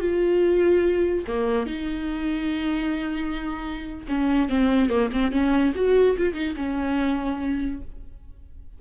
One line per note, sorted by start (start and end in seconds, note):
0.00 1.25 F4
1.27 1.66 A#3
1.66 4.06 D#4
4.08 4.49 C#4
4.49 4.90 C4
4.90 5.11 A#3
5.12 5.32 C4
5.32 5.73 C#4
5.75 6.17 F#4
6.18 6.34 F4
6.34 6.55 D#4
6.56 7.81 C#4